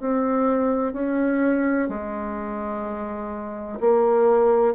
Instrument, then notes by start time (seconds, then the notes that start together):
bassoon
0.00 C4
0.93 C#4
1.88 G#3
3.80 A#3